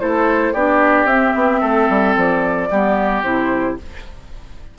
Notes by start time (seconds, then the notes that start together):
0.00 A3 E4 A4 C5
0.53 B3 D4 G4 D5
1.05 C4 E5
1.35 B3
1.61 A3 A4
1.90 G3
2.16 F3 D5
2.70 G3 B3 G4
3.23 C3 E4 C5